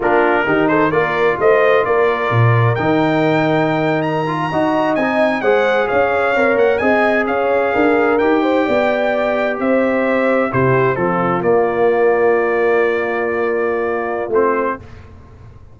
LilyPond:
<<
  \new Staff \with { instrumentName = "trumpet" } { \time 4/4 \tempo 4 = 130 ais'4. c''8 d''4 dis''4 | d''2 g''2~ | g''8. ais''2 gis''4 fis''16~ | fis''8. f''4. fis''8 gis''4 f''16~ |
f''4.~ f''16 g''2~ g''16~ | g''8. e''2 c''4 a'16~ | a'8. d''2.~ d''16~ | d''2. c''4 | }
  \new Staff \with { instrumentName = "horn" } { \time 4/4 f'4 g'8 a'8 ais'4 c''4 | ais'1~ | ais'4.~ ais'16 dis''2 c''16~ | c''8. cis''2 dis''4 cis''16~ |
cis''8. ais'4. c''8 d''4~ d''16~ | d''8. c''2 g'4 f'16~ | f'1~ | f'1 | }
  \new Staff \with { instrumentName = "trombone" } { \time 4/4 d'4 dis'4 f'2~ | f'2 dis'2~ | dis'4~ dis'16 f'8 fis'4 dis'4 gis'16~ | gis'4.~ gis'16 ais'4 gis'4~ gis'16~ |
gis'4.~ gis'16 g'2~ g'16~ | g'2~ g'8. e'4 c'16~ | c'8. ais2.~ ais16~ | ais2. c'4 | }
  \new Staff \with { instrumentName = "tuba" } { \time 4/4 ais4 dis4 ais4 a4 | ais4 ais,4 dis2~ | dis4.~ dis16 dis'4 c'4 gis16~ | gis8. cis'4 c'8 ais8 c'4 cis'16~ |
cis'8. d'4 dis'4 b4~ b16~ | b8. c'2 c4 f16~ | f8. ais2.~ ais16~ | ais2. a4 | }
>>